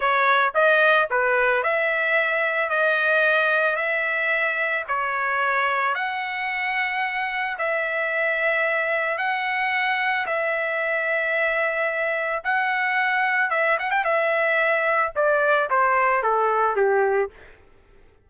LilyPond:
\new Staff \with { instrumentName = "trumpet" } { \time 4/4 \tempo 4 = 111 cis''4 dis''4 b'4 e''4~ | e''4 dis''2 e''4~ | e''4 cis''2 fis''4~ | fis''2 e''2~ |
e''4 fis''2 e''4~ | e''2. fis''4~ | fis''4 e''8 fis''16 g''16 e''2 | d''4 c''4 a'4 g'4 | }